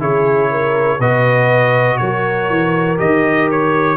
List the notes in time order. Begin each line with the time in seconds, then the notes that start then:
0.00 C#3 E4 G#4 C#5
0.51 A#4
0.98 B2 F#4 B4 D#5
1.97 F#3 A#4 C#5
2.50 E3
2.98 D#3 G4 D#5
3.51 C#5